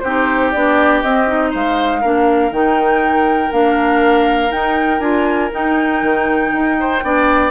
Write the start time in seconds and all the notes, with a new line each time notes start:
0.00 C4 D#4 G4 C5
0.51 B3 D4 D5
1.02 C4 D#5
1.27 D#4
1.51 G#3 C5 F5
2.01 A#3 D4 A#4
2.51 D#3 D#4 G5
3.52 A#3 D4 F5
4.51 D#4 G5
5.00 D4 F4 G#5
5.52 D#4 G5
6.02 D#3
6.52 D#4
6.80 C5
7.03 B3 D4 D5